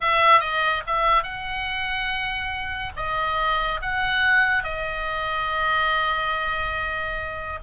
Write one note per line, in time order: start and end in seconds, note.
0.00 0.40 E5
0.40 0.82 D#5
0.86 1.23 E5
1.23 2.92 F#5
2.96 3.80 D#5
3.81 4.63 F#5
4.63 7.59 D#5